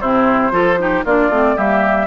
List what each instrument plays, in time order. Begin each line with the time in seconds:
0.00 bassoon C3, clarinet C4, oboe E4, flute C5
0.51 bassoon F3, clarinet F4, oboe A4
0.78 clarinet D#4, oboe G4
1.04 bassoon A#3, clarinet D4, oboe F4, flute D5
1.29 bassoon A3, clarinet C4
1.55 bassoon G3, clarinet A#3, oboe G4, flute E5